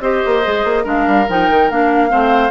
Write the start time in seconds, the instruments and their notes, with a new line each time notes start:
0.00 bassoon C4, clarinet G4, oboe C5, flute D#5
0.25 bassoon A#3
0.43 bassoon G#3, clarinet G#4
0.64 bassoon A#3
0.84 bassoon G#3, clarinet D4, oboe A#4, flute F5
1.06 bassoon G3
1.28 bassoon F3, clarinet D#4, flute G5
1.50 bassoon D#3
1.70 bassoon A#3, clarinet D4, flute F5
2.08 bassoon A3, clarinet C4, oboe C5